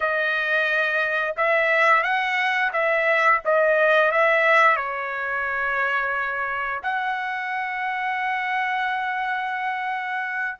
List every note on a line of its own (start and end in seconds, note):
0.00 1.34 D#5
1.36 2.03 E5
2.03 2.71 F#5
2.72 3.41 E5
3.44 4.11 D#5
4.11 4.76 E5
4.76 6.81 C#5
6.82 10.57 F#5